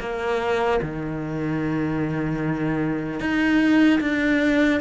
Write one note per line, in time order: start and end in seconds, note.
0.00 0.80 A#3
0.82 3.20 D#3
3.20 4.00 D#4
4.00 4.80 D4